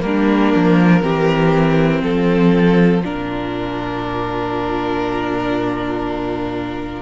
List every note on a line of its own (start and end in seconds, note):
0.00 0.53 G3
0.00 1.00 A#3
0.00 1.03 D4
0.00 2.01 A#4
0.55 1.02 F3
1.02 2.02 E3
1.02 3.02 C4
1.02 2.02 G4
2.02 3.02 F3
2.02 7.02 F4
2.02 3.03 A4
3.02 7.02 A#2
3.02 7.02 D4
3.02 7.02 A#4